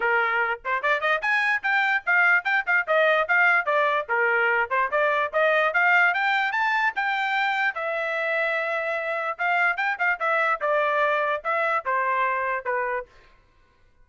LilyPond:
\new Staff \with { instrumentName = "trumpet" } { \time 4/4 \tempo 4 = 147 ais'4. c''8 d''8 dis''8 gis''4 | g''4 f''4 g''8 f''8 dis''4 | f''4 d''4 ais'4. c''8 | d''4 dis''4 f''4 g''4 |
a''4 g''2 e''4~ | e''2. f''4 | g''8 f''8 e''4 d''2 | e''4 c''2 b'4 | }